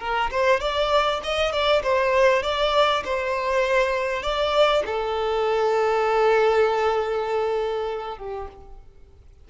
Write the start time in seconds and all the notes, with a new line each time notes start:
0.00 A#4
0.31 C5
0.60 D5
1.23 D#5
1.52 D5
1.83 C5
2.43 D5
3.05 C5
4.23 D5
4.86 A4
8.18 G4